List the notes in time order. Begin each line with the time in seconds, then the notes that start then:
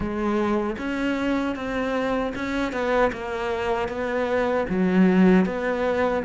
0.00 G#3
0.78 C#4
1.55 C4
2.35 C#4
2.72 B3
3.12 A#3
3.88 B3
4.69 F#3
5.45 B3